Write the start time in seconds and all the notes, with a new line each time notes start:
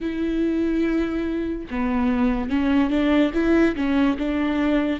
0.00 E4
1.70 B3
2.49 C#4
2.90 D4
3.33 E4
3.75 C#4
4.18 D4